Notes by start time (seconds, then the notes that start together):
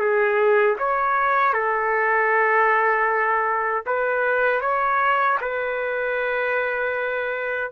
0.00 G#4
0.78 C#5
1.53 A4
3.86 B4
4.61 C#5
5.41 B4